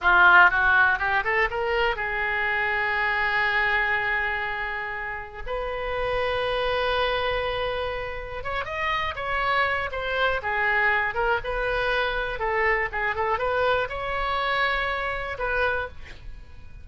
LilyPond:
\new Staff \with { instrumentName = "oboe" } { \time 4/4 \tempo 4 = 121 f'4 fis'4 g'8 a'8 ais'4 | gis'1~ | gis'2. b'4~ | b'1~ |
b'4 cis''8 dis''4 cis''4. | c''4 gis'4. ais'8 b'4~ | b'4 a'4 gis'8 a'8 b'4 | cis''2. b'4 | }